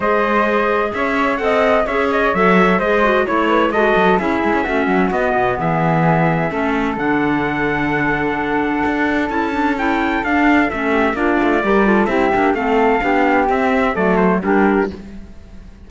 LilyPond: <<
  \new Staff \with { instrumentName = "trumpet" } { \time 4/4 \tempo 4 = 129 dis''2 e''4 fis''4 | e''8 dis''8 e''4 dis''4 cis''4 | dis''4 e''2 dis''4 | e''2. fis''4~ |
fis''1 | a''4 g''4 f''4 e''4 | d''2 e''4 f''4~ | f''4 e''4 d''8 c''8 ais'4 | }
  \new Staff \with { instrumentName = "flute" } { \time 4/4 c''2 cis''4 dis''4 | cis''2 c''4 cis''8 b'8 | a'4 gis'4 fis'2 | gis'2 a'2~ |
a'1~ | a'2.~ a'8 g'8 | f'4 ais'8 a'8 g'4 a'4 | g'2 a'4 g'4 | }
  \new Staff \with { instrumentName = "clarinet" } { \time 4/4 gis'2. a'4 | gis'4 a'4 gis'8 fis'8 e'4 | fis'4 e'4 cis'4 b4~ | b2 cis'4 d'4~ |
d'1 | e'8 d'8 e'4 d'4 cis'4 | d'4 g'8 f'8 e'8 d'8 c'4 | d'4 c'4 a4 d'4 | }
  \new Staff \with { instrumentName = "cello" } { \time 4/4 gis2 cis'4 c'4 | cis'4 fis4 gis4 a4 | gis8 fis8 cis'8 gis16 cis'16 a8 fis8 b8 b,8 | e2 a4 d4~ |
d2. d'4 | cis'2 d'4 a4 | ais8 a8 g4 c'8 ais8 a4 | b4 c'4 fis4 g4 | }
>>